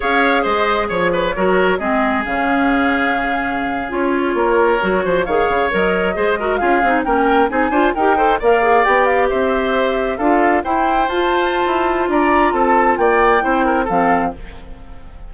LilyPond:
<<
  \new Staff \with { instrumentName = "flute" } { \time 4/4 \tempo 4 = 134 f''4 dis''4 cis''2 | dis''4 f''2.~ | f''8. cis''2. f''16~ | f''8. dis''2 f''4 g''16~ |
g''8. gis''4 g''4 f''4 g''16~ | g''16 f''8 e''2 f''4 g''16~ | g''8. a''2~ a''16 ais''4 | a''4 g''2 f''4 | }
  \new Staff \with { instrumentName = "oboe" } { \time 4/4 cis''4 c''4 cis''8 b'8 ais'4 | gis'1~ | gis'4.~ gis'16 ais'4. c''8 cis''16~ | cis''4.~ cis''16 c''8 ais'8 gis'4 ais'16~ |
ais'8. gis'8 c''8 ais'8 c''8 d''4~ d''16~ | d''8. c''2 a'4 c''16~ | c''2. d''4 | a'4 d''4 c''8 ais'8 a'4 | }
  \new Staff \with { instrumentName = "clarinet" } { \time 4/4 gis'2. fis'4 | c'4 cis'2.~ | cis'8. f'2 fis'4 gis'16~ | gis'8. ais'4 gis'8 fis'8 f'8 dis'8 cis'16~ |
cis'8. dis'8 f'8 g'8 a'8 ais'8 gis'8 g'16~ | g'2~ g'8. f'4 e'16~ | e'8. f'2.~ f'16~ | f'2 e'4 c'4 | }
  \new Staff \with { instrumentName = "bassoon" } { \time 4/4 cis'4 gis4 f4 fis4 | gis4 cis2.~ | cis8. cis'4 ais4 fis8 f8 dis16~ | dis16 cis8 fis4 gis4 cis'8 c'8 ais16~ |
ais8. c'8 d'8 dis'4 ais4 b16~ | b8. c'2 d'4 e'16~ | e'8. f'4~ f'16 e'4 d'4 | c'4 ais4 c'4 f4 | }
>>